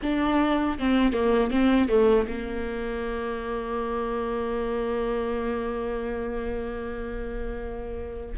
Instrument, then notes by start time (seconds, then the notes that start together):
viola
0.02 D4
0.78 C4
1.13 A#3
1.51 C4
1.88 A3
2.28 A#3